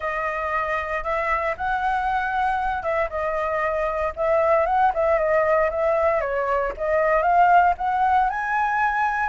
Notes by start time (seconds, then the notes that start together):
0.00 D#5
1.03 E5
1.57 F#5
2.82 E5
3.09 D#5
4.16 E5
4.66 F#5
4.93 E5
5.18 D#5
5.70 E5
6.20 C#5
6.77 D#5
7.22 F5
7.77 F#5
8.29 G#5